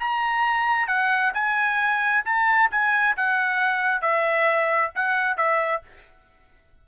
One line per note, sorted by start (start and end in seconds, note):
0.00 0.88 A#5
0.88 1.33 F#5
1.34 2.24 G#5
2.25 2.70 A5
2.71 3.16 G#5
3.17 4.02 F#5
4.02 4.92 E5
4.95 5.37 F#5
5.37 5.82 E5